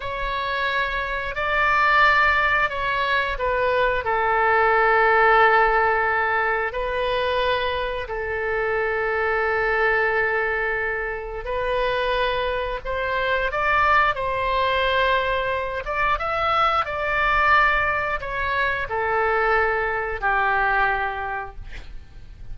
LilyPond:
\new Staff \with { instrumentName = "oboe" } { \time 4/4 \tempo 4 = 89 cis''2 d''2 | cis''4 b'4 a'2~ | a'2 b'2 | a'1~ |
a'4 b'2 c''4 | d''4 c''2~ c''8 d''8 | e''4 d''2 cis''4 | a'2 g'2 | }